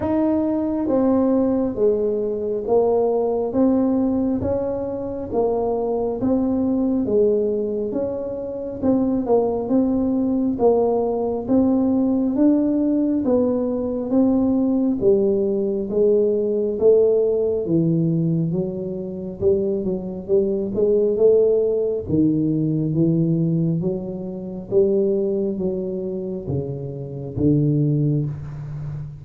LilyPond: \new Staff \with { instrumentName = "tuba" } { \time 4/4 \tempo 4 = 68 dis'4 c'4 gis4 ais4 | c'4 cis'4 ais4 c'4 | gis4 cis'4 c'8 ais8 c'4 | ais4 c'4 d'4 b4 |
c'4 g4 gis4 a4 | e4 fis4 g8 fis8 g8 gis8 | a4 dis4 e4 fis4 | g4 fis4 cis4 d4 | }